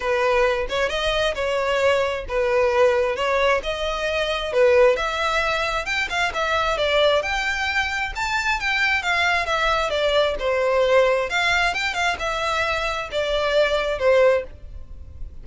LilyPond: \new Staff \with { instrumentName = "violin" } { \time 4/4 \tempo 4 = 133 b'4. cis''8 dis''4 cis''4~ | cis''4 b'2 cis''4 | dis''2 b'4 e''4~ | e''4 g''8 f''8 e''4 d''4 |
g''2 a''4 g''4 | f''4 e''4 d''4 c''4~ | c''4 f''4 g''8 f''8 e''4~ | e''4 d''2 c''4 | }